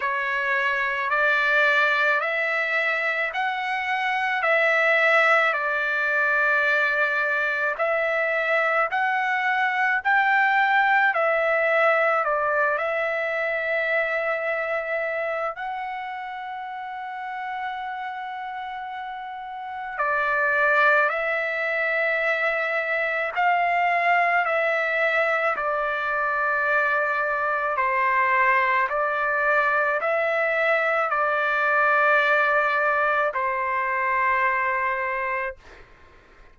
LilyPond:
\new Staff \with { instrumentName = "trumpet" } { \time 4/4 \tempo 4 = 54 cis''4 d''4 e''4 fis''4 | e''4 d''2 e''4 | fis''4 g''4 e''4 d''8 e''8~ | e''2 fis''2~ |
fis''2 d''4 e''4~ | e''4 f''4 e''4 d''4~ | d''4 c''4 d''4 e''4 | d''2 c''2 | }